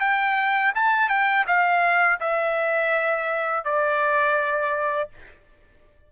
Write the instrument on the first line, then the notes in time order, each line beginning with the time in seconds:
trumpet
0.00 G5
0.75 A5
1.08 G5
1.47 F5
2.20 E5
3.64 D5